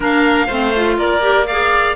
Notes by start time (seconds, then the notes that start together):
0.00 A#3 D4 A#4 F5
0.46 A3 C4 C5
0.75 F4
0.97 A#3 A#4 D5
1.20 G4
1.46 G#4 D5 F5